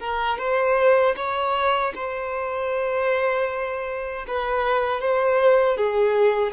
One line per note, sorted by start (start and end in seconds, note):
0.00 0.38 A#4
0.38 1.15 C5
1.16 1.93 C#5
1.95 4.26 C5
4.28 5.01 B4
5.01 5.77 C5
5.77 6.53 G#4